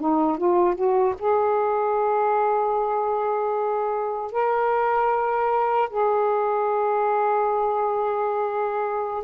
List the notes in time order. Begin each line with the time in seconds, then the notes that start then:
0.00 D#4
0.38 F4
0.75 F#4
1.19 G#4
4.32 A#4
5.90 G#4